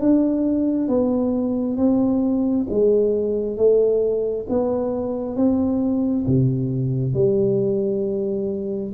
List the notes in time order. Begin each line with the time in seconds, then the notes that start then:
0.00 D4
0.88 B3
1.77 C4
2.70 G#3
3.57 A3
4.49 B3
5.36 C4
6.27 C3
7.14 G3